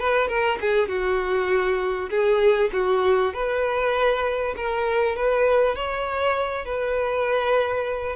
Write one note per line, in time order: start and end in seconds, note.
0.00 0.28 B4
0.28 0.59 A#4
0.61 0.89 G#4
0.89 2.10 F#4
2.10 2.71 G#4
2.73 3.34 F#4
3.34 4.55 B4
4.57 5.16 A#4
5.16 5.76 B4
5.76 6.66 C#5
6.66 8.16 B4